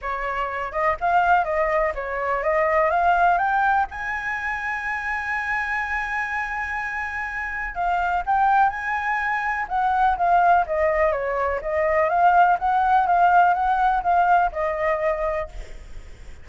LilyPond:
\new Staff \with { instrumentName = "flute" } { \time 4/4 \tempo 4 = 124 cis''4. dis''8 f''4 dis''4 | cis''4 dis''4 f''4 g''4 | gis''1~ | gis''1 |
f''4 g''4 gis''2 | fis''4 f''4 dis''4 cis''4 | dis''4 f''4 fis''4 f''4 | fis''4 f''4 dis''2 | }